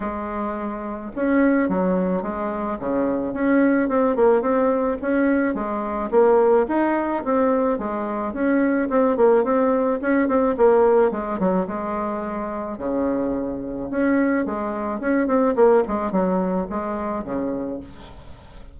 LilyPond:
\new Staff \with { instrumentName = "bassoon" } { \time 4/4 \tempo 4 = 108 gis2 cis'4 fis4 | gis4 cis4 cis'4 c'8 ais8 | c'4 cis'4 gis4 ais4 | dis'4 c'4 gis4 cis'4 |
c'8 ais8 c'4 cis'8 c'8 ais4 | gis8 fis8 gis2 cis4~ | cis4 cis'4 gis4 cis'8 c'8 | ais8 gis8 fis4 gis4 cis4 | }